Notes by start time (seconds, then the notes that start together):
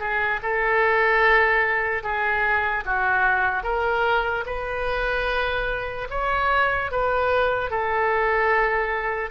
0.00 G#4
0.43 A4
2.03 G#4
2.86 F#4
3.63 A#4
4.46 B4
6.11 C#5
6.91 B4
7.71 A4